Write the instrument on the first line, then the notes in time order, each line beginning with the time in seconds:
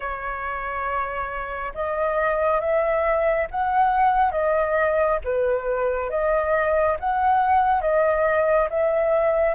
flute
0.00 C#5
1.74 D#5
2.60 E5
3.51 F#5
4.31 D#5
5.24 B4
6.09 D#5
6.99 F#5
7.81 D#5
8.70 E5